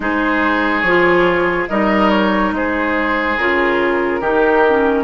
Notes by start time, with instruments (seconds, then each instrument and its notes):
0.00 bassoon G#3, clarinet D#4, oboe G#4, flute C5
0.80 bassoon F3, flute C#5
0.87 clarinet F4
1.68 bassoon G3, clarinet D#4, oboe A#4, flute D#5
2.10 flute C#5
2.52 bassoon G#3, oboe G#4, flute C5
3.37 bassoon C#3, clarinet F4, flute A#4
4.20 bassoon D#3, clarinet D#4, oboe G4
4.68 clarinet C#4